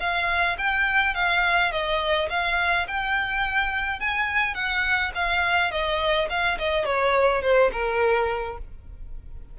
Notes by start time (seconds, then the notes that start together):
0.00 F5
0.58 G5
1.15 F5
1.72 D#5
2.30 F5
2.88 G5
4.00 G#5
4.55 F#5
5.15 F5
5.71 D#5
6.30 F5
6.59 D#5
6.85 C#5
7.42 C5
7.72 A#4